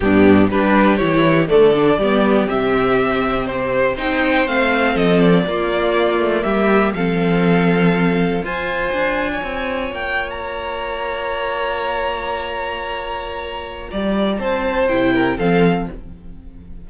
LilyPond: <<
  \new Staff \with { instrumentName = "violin" } { \time 4/4 \tempo 4 = 121 g'4 b'4 cis''4 d''4~ | d''4 e''2 c''4 | g''4 f''4 dis''8 d''4.~ | d''4 e''4 f''2~ |
f''4 gis''2. | g''8. ais''2.~ ais''16~ | ais''1~ | ais''4 a''4 g''4 f''4 | }
  \new Staff \with { instrumentName = "violin" } { \time 4/4 d'4 g'2 a'4 | g'1 | c''2 a'4 f'4~ | f'4 g'4 a'2~ |
a'4 c''4.~ c''16 cis''4~ cis''16~ | cis''1~ | cis''1 | d''4 c''4. ais'8 a'4 | }
  \new Staff \with { instrumentName = "viola" } { \time 4/4 b4 d'4 e'4 a8 d'8 | b4 c'2. | dis'4 c'2 ais4~ | ais2 c'2~ |
c'4 f'2.~ | f'1~ | f'1~ | f'2 e'4 c'4 | }
  \new Staff \with { instrumentName = "cello" } { \time 4/4 g,4 g4 e4 d4 | g4 c2. | c'4 a4 f4 ais4~ | ais8 a8 g4 f2~ |
f4 f'4 d'4 c'4 | ais1~ | ais1 | g4 c'4 c4 f4 | }
>>